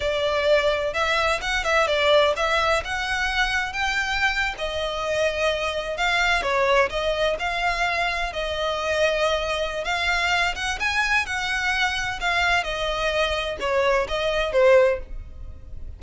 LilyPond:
\new Staff \with { instrumentName = "violin" } { \time 4/4 \tempo 4 = 128 d''2 e''4 fis''8 e''8 | d''4 e''4 fis''2 | g''4.~ g''16 dis''2~ dis''16~ | dis''8. f''4 cis''4 dis''4 f''16~ |
f''4.~ f''16 dis''2~ dis''16~ | dis''4 f''4. fis''8 gis''4 | fis''2 f''4 dis''4~ | dis''4 cis''4 dis''4 c''4 | }